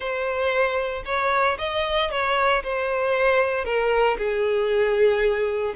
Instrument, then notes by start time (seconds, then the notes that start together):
violin
0.00 C5
1.05 C#5
1.58 D#5
2.10 C#5
2.63 C5
3.65 A#4
4.17 G#4